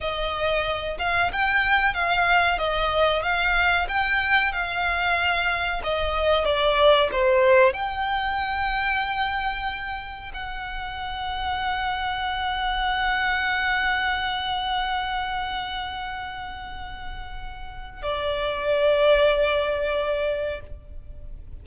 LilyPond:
\new Staff \with { instrumentName = "violin" } { \time 4/4 \tempo 4 = 93 dis''4. f''8 g''4 f''4 | dis''4 f''4 g''4 f''4~ | f''4 dis''4 d''4 c''4 | g''1 |
fis''1~ | fis''1~ | fis''1 | d''1 | }